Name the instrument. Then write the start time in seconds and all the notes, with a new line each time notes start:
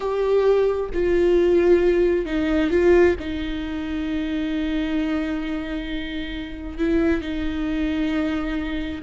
viola
0.00 G4
0.93 F4
2.25 D#4
2.70 F4
3.19 D#4
6.78 E4
7.21 D#4